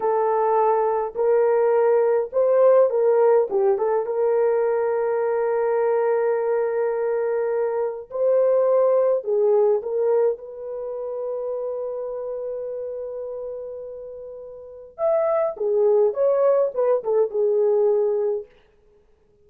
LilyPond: \new Staff \with { instrumentName = "horn" } { \time 4/4 \tempo 4 = 104 a'2 ais'2 | c''4 ais'4 g'8 a'8 ais'4~ | ais'1~ | ais'2 c''2 |
gis'4 ais'4 b'2~ | b'1~ | b'2 e''4 gis'4 | cis''4 b'8 a'8 gis'2 | }